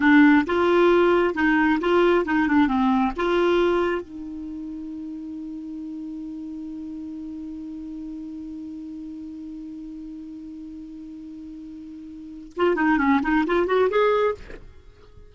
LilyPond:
\new Staff \with { instrumentName = "clarinet" } { \time 4/4 \tempo 4 = 134 d'4 f'2 dis'4 | f'4 dis'8 d'8 c'4 f'4~ | f'4 dis'2.~ | dis'1~ |
dis'1~ | dis'1~ | dis'1 | f'8 dis'8 cis'8 dis'8 f'8 fis'8 gis'4 | }